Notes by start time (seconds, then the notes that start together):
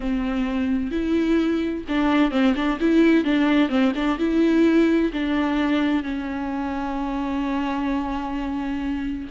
0.00 C4
0.91 E4
1.88 D4
2.31 C4
2.55 D4
2.80 E4
3.24 D4
3.69 C4
3.95 D4
4.18 E4
5.13 D4
6.03 C#4